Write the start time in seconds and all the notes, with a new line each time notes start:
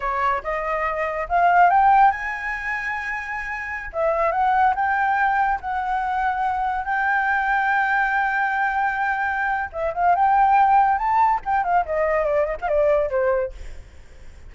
0.00 C#5
0.43 D#5
1.28 F5
1.70 G5
2.11 G#5
3.92 E5
4.31 F#5
4.75 G5
5.60 F#5
6.84 G5
9.72 E5
9.94 F5
10.15 G5
10.97 A5
11.45 G5
11.64 F5
11.85 D#5
12.25 D5
12.45 D#5
12.61 F5
12.67 D5
13.10 C5